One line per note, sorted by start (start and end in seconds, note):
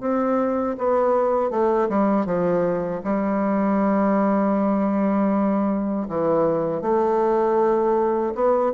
0.00 0.76 C4
0.77 1.50 B3
1.50 1.88 A3
1.89 2.25 G3
2.25 3.01 F3
3.03 6.07 G3
6.08 6.81 E3
6.81 8.33 A3
8.34 8.72 B3